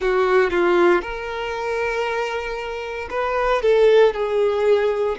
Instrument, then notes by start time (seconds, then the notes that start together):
violin
0.00 F#4
0.50 F4
1.01 A#4
3.10 B4
3.62 A4
4.13 G#4